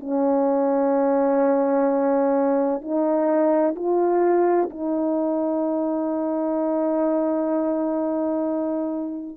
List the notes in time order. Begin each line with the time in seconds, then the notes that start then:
0.00 C#4
2.81 D#4
3.75 F4
4.70 D#4